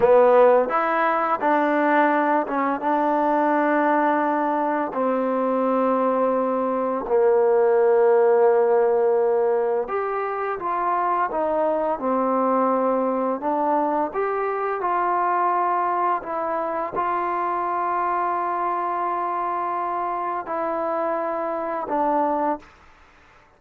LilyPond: \new Staff \with { instrumentName = "trombone" } { \time 4/4 \tempo 4 = 85 b4 e'4 d'4. cis'8 | d'2. c'4~ | c'2 ais2~ | ais2 g'4 f'4 |
dis'4 c'2 d'4 | g'4 f'2 e'4 | f'1~ | f'4 e'2 d'4 | }